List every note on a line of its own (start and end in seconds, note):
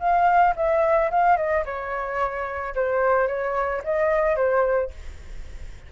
0.00 0.55 F5
0.56 1.11 E5
1.11 1.37 F5
1.37 1.64 D#5
1.65 2.74 C#5
2.75 3.28 C5
3.28 3.82 C#5
3.84 4.36 D#5
4.36 4.91 C5